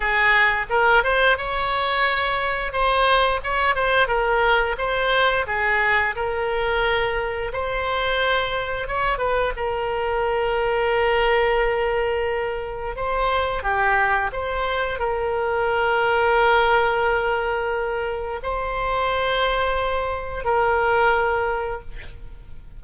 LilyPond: \new Staff \with { instrumentName = "oboe" } { \time 4/4 \tempo 4 = 88 gis'4 ais'8 c''8 cis''2 | c''4 cis''8 c''8 ais'4 c''4 | gis'4 ais'2 c''4~ | c''4 cis''8 b'8 ais'2~ |
ais'2. c''4 | g'4 c''4 ais'2~ | ais'2. c''4~ | c''2 ais'2 | }